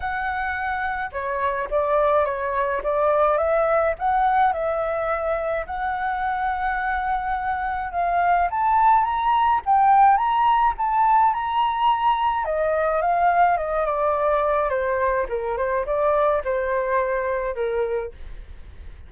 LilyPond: \new Staff \with { instrumentName = "flute" } { \time 4/4 \tempo 4 = 106 fis''2 cis''4 d''4 | cis''4 d''4 e''4 fis''4 | e''2 fis''2~ | fis''2 f''4 a''4 |
ais''4 g''4 ais''4 a''4 | ais''2 dis''4 f''4 | dis''8 d''4. c''4 ais'8 c''8 | d''4 c''2 ais'4 | }